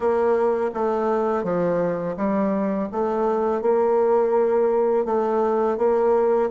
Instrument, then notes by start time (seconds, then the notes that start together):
bassoon
0.00 A#3
0.74 A3
1.43 F3
2.16 G3
2.91 A3
3.61 A#3
5.05 A3
5.77 A#3